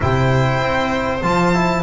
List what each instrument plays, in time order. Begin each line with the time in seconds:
0.00 double bass C3, trombone E4, viola C5, violin G5
0.61 double bass C4
1.21 double bass F3, trombone F4, violin A5
1.53 trombone E4